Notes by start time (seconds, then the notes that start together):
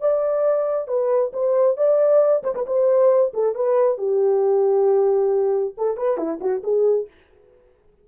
0.00 D5
0.88 B4
1.33 C5
1.77 D5
2.43 C5
2.55 B4
2.67 C5
3.34 A4
3.55 B4
3.98 G4
5.77 A4
5.97 B4
6.17 E4
6.41 F#4
6.63 G#4